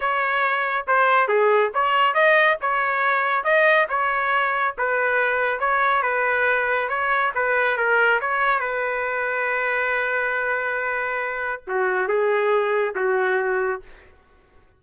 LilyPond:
\new Staff \with { instrumentName = "trumpet" } { \time 4/4 \tempo 4 = 139 cis''2 c''4 gis'4 | cis''4 dis''4 cis''2 | dis''4 cis''2 b'4~ | b'4 cis''4 b'2 |
cis''4 b'4 ais'4 cis''4 | b'1~ | b'2. fis'4 | gis'2 fis'2 | }